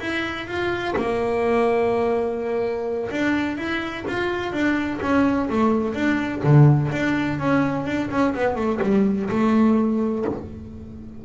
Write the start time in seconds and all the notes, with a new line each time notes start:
0.00 E4
0.47 F4
0.96 A#3
3.11 D4
3.58 E4
4.07 F4
4.52 D4
5.01 C#4
5.49 A3
5.94 D4
6.44 D3
6.92 D4
7.39 C#4
7.86 D4
8.10 C#4
8.34 B3
8.56 A3
8.82 G3
9.30 A3